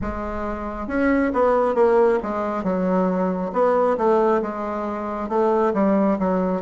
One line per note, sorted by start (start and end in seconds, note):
0.01 0.87 G#3
0.87 1.32 C#4
1.33 1.74 B3
1.74 2.19 A#3
2.22 2.63 G#3
2.63 3.51 F#3
3.53 3.97 B3
3.97 4.41 A3
4.42 5.28 G#3
5.28 5.72 A3
5.74 6.18 G3
6.18 6.61 F#3